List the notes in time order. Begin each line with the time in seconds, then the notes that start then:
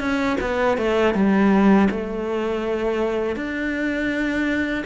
0.00 C#4
0.41 B3
0.78 A3
1.15 G3
1.91 A3
3.36 D4